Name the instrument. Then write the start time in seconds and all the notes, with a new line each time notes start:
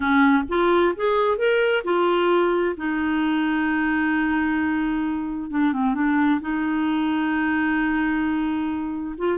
clarinet
0.00 C#4
0.49 F4
0.95 G#4
1.37 A#4
1.84 F4
2.76 D#4
5.50 D4
5.73 C4
5.94 D4
6.40 D#4
9.17 F4